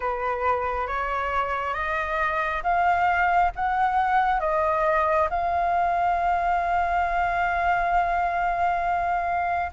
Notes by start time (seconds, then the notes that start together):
0.00 B4
0.87 C#5
1.74 D#5
2.63 F5
3.55 F#5
4.40 D#5
5.30 F5